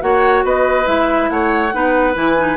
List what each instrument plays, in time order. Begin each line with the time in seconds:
0.00 bassoon A#3, clarinet F#4, oboe C#5, flute F#5
0.43 bassoon B3, oboe B4, flute D#5
0.85 bassoon G#3, clarinet E4, flute E5
1.29 bassoon A3, oboe C#5, flute F#5
1.73 bassoon B3, clarinet D#4, oboe B4
2.14 bassoon E3, clarinet E4, flute G#5
2.38 clarinet D#4